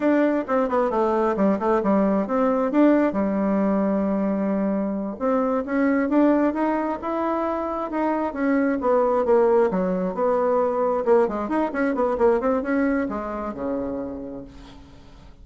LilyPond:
\new Staff \with { instrumentName = "bassoon" } { \time 4/4 \tempo 4 = 133 d'4 c'8 b8 a4 g8 a8 | g4 c'4 d'4 g4~ | g2.~ g8 c'8~ | c'8 cis'4 d'4 dis'4 e'8~ |
e'4. dis'4 cis'4 b8~ | b8 ais4 fis4 b4.~ | b8 ais8 gis8 dis'8 cis'8 b8 ais8 c'8 | cis'4 gis4 cis2 | }